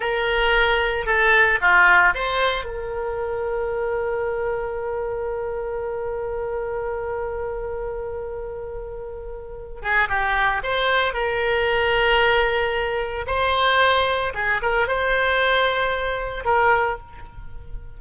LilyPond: \new Staff \with { instrumentName = "oboe" } { \time 4/4 \tempo 4 = 113 ais'2 a'4 f'4 | c''4 ais'2.~ | ais'1~ | ais'1~ |
ais'2~ ais'8 gis'8 g'4 | c''4 ais'2.~ | ais'4 c''2 gis'8 ais'8 | c''2. ais'4 | }